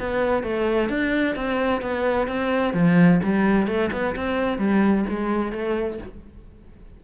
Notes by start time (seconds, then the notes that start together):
0.00 B3
0.44 A3
0.89 D4
1.36 C4
1.82 B3
2.28 C4
2.74 F3
3.23 G3
3.68 A3
3.92 B3
4.16 C4
4.58 G3
5.09 G#3
5.52 A3